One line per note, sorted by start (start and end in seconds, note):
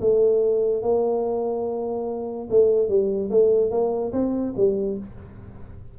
0.00 0.82 A3
0.82 2.48 A#3
2.50 2.88 A3
2.88 3.30 G3
3.30 3.70 A3
3.70 4.12 A#3
4.12 4.53 C4
4.56 4.98 G3